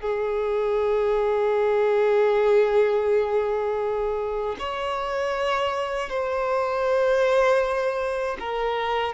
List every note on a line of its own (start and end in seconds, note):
0.00 4.56 G#4
4.58 6.09 C#5
6.09 8.37 C5
8.39 9.13 A#4